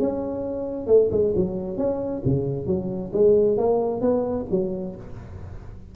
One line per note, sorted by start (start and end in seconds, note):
0.00 0.87 C#4
0.87 1.10 A3
1.12 1.34 G#3
1.36 1.77 F#3
1.77 2.22 C#4
2.25 2.67 C#3
2.67 3.11 F#3
3.13 3.58 G#3
3.58 4.01 A#3
4.01 4.46 B3
4.51 4.96 F#3